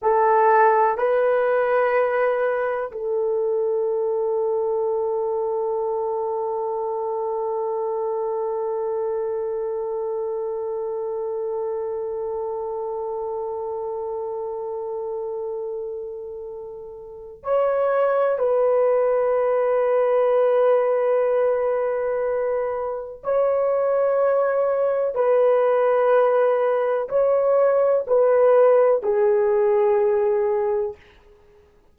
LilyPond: \new Staff \with { instrumentName = "horn" } { \time 4/4 \tempo 4 = 62 a'4 b'2 a'4~ | a'1~ | a'1~ | a'1~ |
a'2 cis''4 b'4~ | b'1 | cis''2 b'2 | cis''4 b'4 gis'2 | }